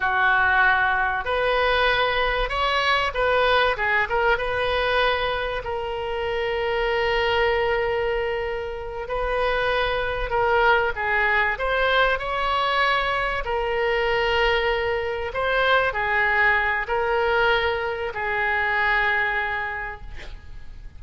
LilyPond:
\new Staff \with { instrumentName = "oboe" } { \time 4/4 \tempo 4 = 96 fis'2 b'2 | cis''4 b'4 gis'8 ais'8 b'4~ | b'4 ais'2.~ | ais'2~ ais'8 b'4.~ |
b'8 ais'4 gis'4 c''4 cis''8~ | cis''4. ais'2~ ais'8~ | ais'8 c''4 gis'4. ais'4~ | ais'4 gis'2. | }